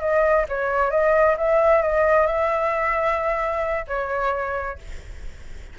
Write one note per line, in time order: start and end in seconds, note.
0.00 0.45 D#5
0.48 0.90 C#5
0.90 1.36 D#5
1.37 1.82 E5
1.82 2.26 D#5
2.26 3.86 E5
3.87 4.78 C#5